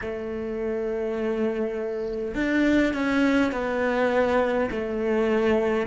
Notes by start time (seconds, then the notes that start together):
0.01 A3
2.34 D4
2.94 C#4
3.52 B3
4.71 A3